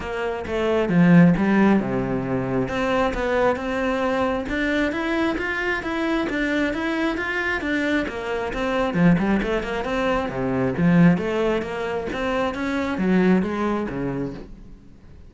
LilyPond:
\new Staff \with { instrumentName = "cello" } { \time 4/4 \tempo 4 = 134 ais4 a4 f4 g4 | c2 c'4 b4 | c'2 d'4 e'4 | f'4 e'4 d'4 e'4 |
f'4 d'4 ais4 c'4 | f8 g8 a8 ais8 c'4 c4 | f4 a4 ais4 c'4 | cis'4 fis4 gis4 cis4 | }